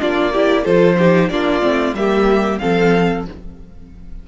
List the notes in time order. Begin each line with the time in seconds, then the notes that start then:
0.00 A#3 D4 F4 D5
0.33 E4 G4
0.64 F3 F4 A4 C5
0.98 D#4 G4
1.29 A#3 D4 F4 D5
1.62 A3 C4
1.94 G3 A#3 G4 E5
2.59 F3 C4 A4 F5